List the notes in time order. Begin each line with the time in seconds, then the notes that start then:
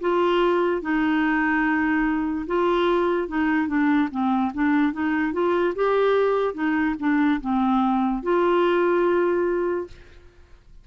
0.00 F4
0.81 D#4
2.47 F4
3.28 D#4
3.67 D4
4.11 C4
4.54 D4
4.93 D#4
5.32 F4
5.75 G4
6.54 D#4
6.99 D4
7.40 C4
8.22 F4